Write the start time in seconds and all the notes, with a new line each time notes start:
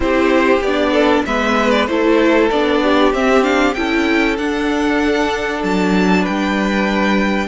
0.00 C4 E4 G4 C5
0.61 B3 D4 D5
0.92 A4
1.25 G#3 B3 B4 E5
1.70 D5
1.86 A3 E4 A4 C5
2.50 B3 D4 D5
2.83 G4
3.12 C4 E5
3.42 D4 F5
3.74 C#4 E4 A4 G5
4.37 D4 F#5
5.63 F#3 A5
6.21 B4 G5
6.28 G3